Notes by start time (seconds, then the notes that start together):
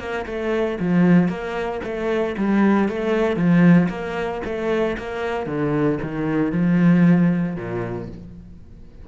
0.00 A#3
0.27 A3
0.80 F3
1.29 A#3
1.84 A3
2.38 G3
2.89 A3
3.37 F3
3.90 A#3
4.45 A3
4.98 A#3
5.47 D3
6.02 D#3
6.52 F3
7.57 A#2